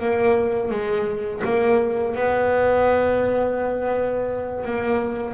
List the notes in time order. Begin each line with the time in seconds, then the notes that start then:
0.00 A#3
0.71 G#3
1.44 A#3
2.16 B3
4.65 A#3